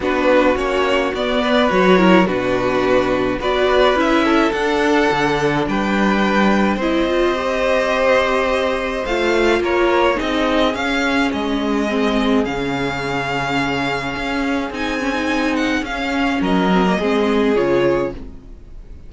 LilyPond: <<
  \new Staff \with { instrumentName = "violin" } { \time 4/4 \tempo 4 = 106 b'4 cis''4 d''4 cis''4 | b'2 d''4 e''4 | fis''2 g''2 | dis''1 |
f''4 cis''4 dis''4 f''4 | dis''2 f''2~ | f''2 gis''4. fis''8 | f''4 dis''2 cis''4 | }
  \new Staff \with { instrumentName = "violin" } { \time 4/4 fis'2~ fis'8 b'4 ais'8 | fis'2 b'4. a'8~ | a'2 b'2 | c''1~ |
c''4 ais'4 gis'2~ | gis'1~ | gis'1~ | gis'4 ais'4 gis'2 | }
  \new Staff \with { instrumentName = "viola" } { \time 4/4 d'4 cis'4 b4 fis'8 e'8 | d'2 fis'4 e'4 | d'1 | e'8 f'8 g'2. |
f'2 dis'4 cis'4~ | cis'4 c'4 cis'2~ | cis'2 dis'8 cis'16 dis'4~ dis'16 | cis'4. c'16 ais16 c'4 f'4 | }
  \new Staff \with { instrumentName = "cello" } { \time 4/4 b4 ais4 b4 fis4 | b,2 b4 cis'4 | d'4 d4 g2 | c'1 |
a4 ais4 c'4 cis'4 | gis2 cis2~ | cis4 cis'4 c'2 | cis'4 fis4 gis4 cis4 | }
>>